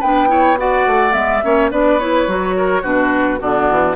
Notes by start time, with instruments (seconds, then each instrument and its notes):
0.00 bassoon B3, clarinet D4, oboe B4, flute G5
0.28 clarinet E4, oboe C#5
0.58 clarinet F#4, oboe D5, flute F#5
0.87 bassoon A3
1.12 bassoon G#3, clarinet B3, flute E5
1.44 bassoon A#3, clarinet C#4, oboe C#5
1.71 bassoon B3, clarinet D4, oboe B4, flute D5
2.00 clarinet E4, flute C#5
2.28 bassoon F#3, clarinet F#4
2.57 oboe A#4
2.83 bassoon B2, clarinet D4, oboe F#4, flute B4
3.40 bassoon D3, clarinet B3, oboe D4, flute F#4
3.71 bassoon E3